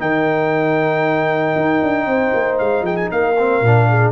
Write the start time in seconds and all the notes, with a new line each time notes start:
0.00 D#3 D#4 A#4 G5
1.56 D#4
1.83 D4
2.06 C4 C5
2.34 A#3
2.59 G#3 F5
2.82 F3 G#4 G5
2.97 G#5
3.12 A#3 A#4 F5
3.38 C4
3.62 A#2 D4
3.89 G#4